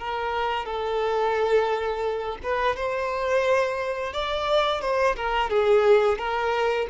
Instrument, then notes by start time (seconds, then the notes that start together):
violin
0.00 A#4
0.66 A4
2.44 B4
2.77 C5
4.13 D5
4.82 C5
5.17 A#4
5.50 G#4
6.19 A#4